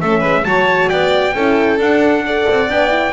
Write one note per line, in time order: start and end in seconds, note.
0.00 0.23 A3
0.00 0.44 C#4
0.00 0.19 A4
0.00 0.44 E5
0.19 0.45 G#3
0.19 0.42 B4
0.44 0.90 F#3
0.44 1.34 F#4
0.44 0.89 C#5
0.44 0.89 A5
0.89 1.34 B3
0.89 1.34 D5
0.89 1.78 G5
1.34 1.78 C#4
1.34 1.79 E4
1.34 2.24 A4
1.78 2.46 D4
1.78 2.24 D4
1.78 2.70 F#5
2.26 2.68 A4
2.26 3.13 D5
2.49 2.69 C4
2.68 3.13 B3
2.68 2.89 D4
2.68 3.13 G5
2.89 3.11 E4